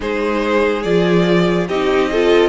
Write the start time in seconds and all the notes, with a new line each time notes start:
0.00 G#3 D#4 G#4 C5
0.82 F3 F4 D5
1.68 C4 D#4 G4 D#5
2.11 F4 A4